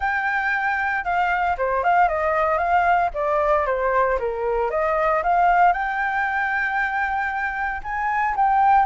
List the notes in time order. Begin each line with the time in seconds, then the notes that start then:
0.00 G5
1.04 F5
1.57 C5
1.83 F5
2.08 D#5
2.58 F5
3.14 D5
3.66 C5
4.19 A#4
4.70 D#5
5.23 F5
5.72 G5
7.83 G#5
8.35 G5